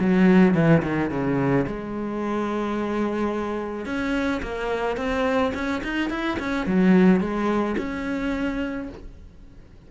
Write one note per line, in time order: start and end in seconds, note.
0.00 0.55 F#3
0.55 0.83 E3
0.83 1.11 D#3
1.11 1.66 C#3
1.67 3.86 G#3
3.86 4.42 C#4
4.43 4.97 A#3
4.97 5.53 C4
5.55 5.83 C#4
5.84 6.11 D#4
6.11 6.38 E4
6.40 6.67 C#4
6.67 7.21 F#3
7.21 7.77 G#3
7.78 8.89 C#4